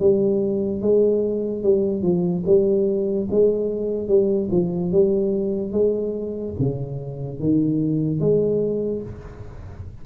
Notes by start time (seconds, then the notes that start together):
0.00 G3
0.82 G#3
1.64 G3
2.03 F3
2.47 G3
3.31 G#3
4.09 G3
4.52 F3
4.92 G3
5.72 G#3
6.60 C#3
7.40 D#3
8.20 G#3